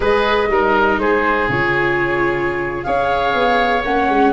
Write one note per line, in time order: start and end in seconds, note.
0.00 0.49 G#3
0.00 0.47 G#4
0.00 0.48 B4
0.00 0.99 D#5
0.49 0.98 G3
0.49 1.50 D#4
0.49 1.00 A#4
0.98 1.47 G#3
0.98 2.86 G#4
0.98 1.48 C5
1.48 2.85 C#3
1.48 2.84 F4
1.48 2.83 C#5
2.83 3.34 C#4
2.83 3.83 G#4
2.83 4.32 C#5
2.83 3.82 F5
3.34 3.83 B3
3.84 4.09 A#3
3.84 4.32 C#4
3.84 4.32 F#5
4.09 4.32 G#3